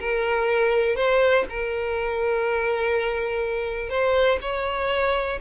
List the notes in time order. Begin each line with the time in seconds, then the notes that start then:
0.00 A#4
0.96 C5
1.50 A#4
3.90 C5
4.42 C#5